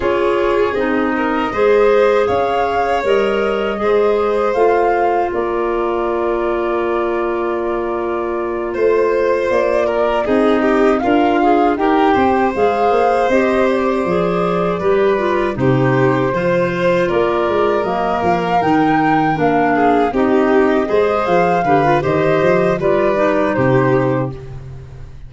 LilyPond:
<<
  \new Staff \with { instrumentName = "flute" } { \time 4/4 \tempo 4 = 79 cis''4 dis''2 f''4 | dis''2 f''4 d''4~ | d''2.~ d''8 c''8~ | c''8 d''4 dis''4 f''4 g''8~ |
g''8 f''4 dis''8 d''2~ | d''8 c''2 d''4 dis''8 | f''8 g''4 f''4 dis''4. | f''4 dis''4 d''4 c''4 | }
  \new Staff \with { instrumentName = "violin" } { \time 4/4 gis'4. ais'8 c''4 cis''4~ | cis''4 c''2 ais'4~ | ais'2.~ ais'8 c''8~ | c''4 ais'8 gis'8 g'8 f'4 ais'8 |
c''2.~ c''8 b'8~ | b'8 g'4 c''4 ais'4.~ | ais'2 gis'8 g'4 c''8~ | c''8 b'8 c''4 b'4 g'4 | }
  \new Staff \with { instrumentName = "clarinet" } { \time 4/4 f'4 dis'4 gis'2 | ais'4 gis'4 f'2~ | f'1~ | f'4. dis'4 ais'8 gis'8 g'8~ |
g'8 gis'4 g'4 gis'4 g'8 | f'8 dis'4 f'2 ais8~ | ais8 dis'4 d'4 dis'4 gis'8~ | gis'8 g'16 f'16 g'4 f'8 dis'4. | }
  \new Staff \with { instrumentName = "tuba" } { \time 4/4 cis'4 c'4 gis4 cis'4 | g4 gis4 a4 ais4~ | ais2.~ ais8 a8~ | a8 ais4 c'4 d'4 dis'8 |
c'8 gis8 ais8 c'4 f4 g8~ | g8 c4 f4 ais8 gis8 fis8 | f8 dis4 ais4 c'4 gis8 | f8 d8 dis8 f8 g4 c4 | }
>>